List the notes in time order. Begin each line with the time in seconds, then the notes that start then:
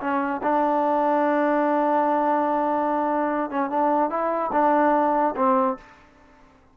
0.00 C#4
0.43 D4
3.50 C#4
3.70 D4
4.10 E4
4.52 D4
5.36 C4